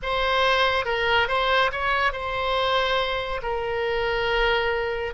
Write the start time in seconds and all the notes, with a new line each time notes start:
0.02 C5
0.85 A#4
1.27 C5
1.71 C#5
2.12 C5
3.42 A#4